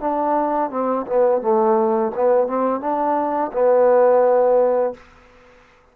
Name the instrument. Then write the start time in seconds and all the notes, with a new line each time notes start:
trombone
0.00 D4
0.70 C4
1.07 B3
1.41 A3
2.15 B3
2.47 C4
2.80 D4
3.52 B3